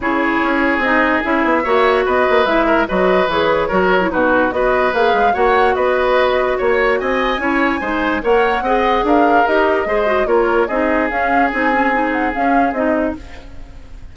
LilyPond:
<<
  \new Staff \with { instrumentName = "flute" } { \time 4/4 \tempo 4 = 146 cis''2 dis''4 e''4~ | e''4 dis''4 e''4 dis''4 | cis''2 b'4 dis''4 | f''4 fis''4 dis''2 |
cis''4 gis''2. | fis''2 f''4 dis''4~ | dis''4 cis''4 dis''4 f''4 | gis''4. fis''8 f''4 dis''4 | }
  \new Staff \with { instrumentName = "oboe" } { \time 4/4 gis'1 | cis''4 b'4. ais'8 b'4~ | b'4 ais'4 fis'4 b'4~ | b'4 cis''4 b'2 |
cis''4 dis''4 cis''4 c''4 | cis''4 dis''4 ais'2 | c''4 ais'4 gis'2~ | gis'1 | }
  \new Staff \with { instrumentName = "clarinet" } { \time 4/4 e'2 dis'4 e'4 | fis'2 e'4 fis'4 | gis'4 fis'8. e'16 dis'4 fis'4 | gis'4 fis'2.~ |
fis'2 e'4 dis'4 | ais'4 gis'2 g'4 | gis'8 fis'8 f'4 dis'4 cis'4 | dis'8 cis'8 dis'4 cis'4 dis'4 | }
  \new Staff \with { instrumentName = "bassoon" } { \time 4/4 cis4 cis'4 c'4 cis'8 b8 | ais4 b8 ais8 gis4 fis4 | e4 fis4 b,4 b4 | ais8 gis8 ais4 b2 |
ais4 c'4 cis'4 gis4 | ais4 c'4 d'4 dis'4 | gis4 ais4 c'4 cis'4 | c'2 cis'4 c'4 | }
>>